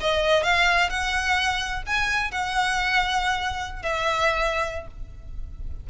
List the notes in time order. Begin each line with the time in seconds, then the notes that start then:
0.00 D#5
0.43 F5
0.90 F#5
1.86 G#5
2.31 F#5
3.82 E5